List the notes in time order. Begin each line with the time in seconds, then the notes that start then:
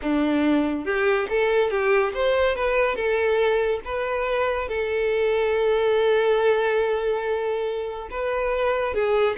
0.01 D4
0.85 G4
1.29 A4
1.70 G4
2.14 C5
2.55 B4
2.95 A4
3.85 B4
4.68 A4
8.10 B4
8.93 G#4